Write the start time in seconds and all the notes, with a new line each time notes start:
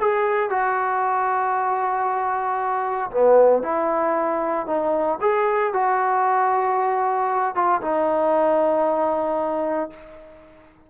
0.00 G#4
0.49 F#4
3.11 B3
3.62 E4
4.66 D#4
5.21 G#4
5.73 F#4
7.55 F4
7.81 D#4